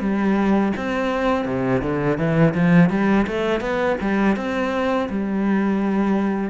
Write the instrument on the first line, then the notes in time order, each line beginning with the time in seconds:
cello
0.00 G3
0.76 C4
1.45 C3
1.81 D3
2.18 E3
2.54 F3
2.89 G3
3.27 A3
3.60 B3
4.01 G3
4.36 C4
5.09 G3